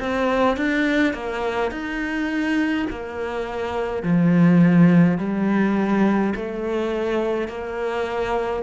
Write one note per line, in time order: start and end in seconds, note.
0.00 0.57 C4
0.57 1.14 D4
1.14 1.72 A#3
1.72 2.87 D#4
2.91 4.03 A#3
4.03 5.18 F3
5.18 6.34 G3
6.36 7.48 A3
7.48 8.63 A#3